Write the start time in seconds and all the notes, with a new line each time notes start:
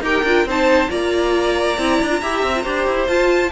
0.00 D#4 G4 A#4 G5
0.23 D4 F4
0.45 C4 D#4 C5 A5
0.87 A#3 F4 D5 A#5
1.77 C4 E4
2.01 D4
2.10 F4
2.21 E4 G4 E5
2.42 C4
2.55 F4
2.62 D4 G4 C5
2.86 E4
3.07 F4 A5